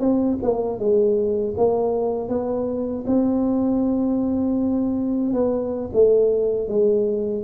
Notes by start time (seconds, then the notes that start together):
0.00 C4
0.43 A#3
0.79 G#3
1.57 A#3
2.29 B3
3.07 C4
5.33 B3
5.93 A3
6.68 G#3